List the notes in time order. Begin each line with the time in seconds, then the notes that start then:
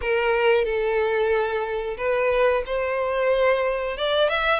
0.01 A#4
0.64 A4
1.97 B4
2.66 C5
3.97 D5
4.29 E5